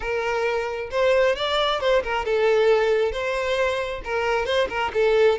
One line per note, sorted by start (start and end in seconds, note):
0.00 0.90 A#4
0.91 1.35 C5
1.35 1.80 D5
1.80 2.02 C5
2.03 2.25 A#4
2.25 3.12 A4
3.12 4.01 C5
4.04 4.45 A#4
4.45 4.68 C5
4.69 4.91 A#4
4.93 5.38 A4